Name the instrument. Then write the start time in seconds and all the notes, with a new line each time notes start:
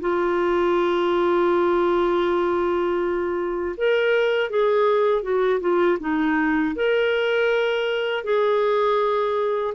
clarinet
0.00 F4
3.77 A#4
4.49 G#4
5.22 F#4
5.60 F4
6.00 D#4
6.75 A#4
8.24 G#4